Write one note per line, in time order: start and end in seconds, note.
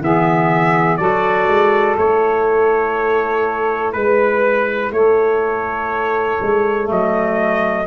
0.00 0.98 E3
0.00 1.00 B3
0.00 0.98 G#4
0.00 0.97 E5
0.97 1.47 F#3
0.97 1.97 F#4
0.97 3.93 A4
0.97 1.95 D5
1.47 1.96 G#3
1.97 3.94 A3
1.97 6.85 E4
1.97 3.92 C#5
3.92 4.90 G#3
3.92 4.91 B4
3.92 4.92 B4
4.90 6.38 A3
4.90 7.86 A4
4.90 6.89 C#5
6.41 6.90 G#3
6.85 7.86 F#3
6.85 7.83 A3
6.85 7.86 D#5